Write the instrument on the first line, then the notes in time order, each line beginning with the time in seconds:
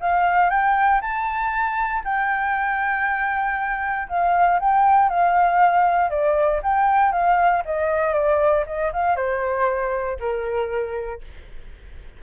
flute
0.00 F5
0.50 G5
1.01 A5
2.04 G5
4.08 F5
4.59 G5
5.09 F5
6.10 D5
6.63 G5
7.12 F5
7.65 D#5
8.13 D5
8.66 D#5
8.93 F5
9.16 C5
10.19 A#4